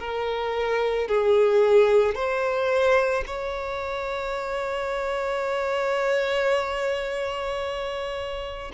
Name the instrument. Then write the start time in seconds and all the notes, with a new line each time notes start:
violin
0.00 A#4
1.08 G#4
2.15 C5
3.27 C#5